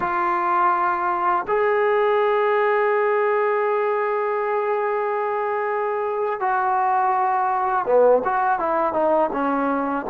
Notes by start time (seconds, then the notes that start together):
0.00 F4
1.47 G#4
6.40 F#4
7.85 B3
8.24 F#4
8.59 E4
8.93 D#4
9.32 C#4